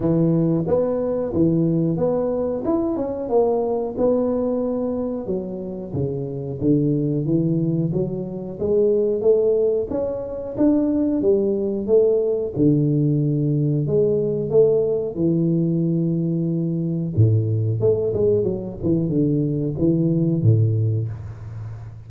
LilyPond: \new Staff \with { instrumentName = "tuba" } { \time 4/4 \tempo 4 = 91 e4 b4 e4 b4 | e'8 cis'8 ais4 b2 | fis4 cis4 d4 e4 | fis4 gis4 a4 cis'4 |
d'4 g4 a4 d4~ | d4 gis4 a4 e4~ | e2 a,4 a8 gis8 | fis8 e8 d4 e4 a,4 | }